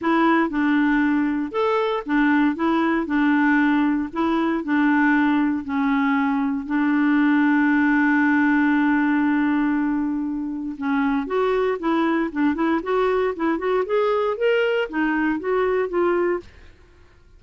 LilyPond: \new Staff \with { instrumentName = "clarinet" } { \time 4/4 \tempo 4 = 117 e'4 d'2 a'4 | d'4 e'4 d'2 | e'4 d'2 cis'4~ | cis'4 d'2.~ |
d'1~ | d'4 cis'4 fis'4 e'4 | d'8 e'8 fis'4 e'8 fis'8 gis'4 | ais'4 dis'4 fis'4 f'4 | }